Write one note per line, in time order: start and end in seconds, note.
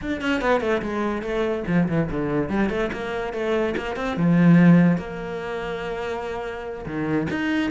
0.01 0.21 D4
0.21 0.41 C#4
0.41 0.60 B3
0.60 0.81 A3
0.82 1.22 G#3
1.22 1.63 A3
1.67 1.88 F3
1.88 2.09 E3
2.10 2.49 D3
2.49 2.69 G3
2.69 2.90 A3
2.92 3.33 A#3
3.33 3.75 A3
3.76 3.96 A#3
3.96 4.16 C4
4.16 4.97 F3
4.97 6.85 A#3
6.85 7.27 D#3
7.30 7.70 D#4